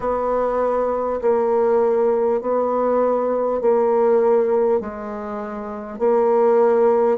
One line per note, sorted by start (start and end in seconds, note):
0.00 1.20 B3
1.21 2.41 A#3
2.41 3.61 B3
3.61 4.80 A#3
4.80 5.98 G#3
5.98 7.18 A#3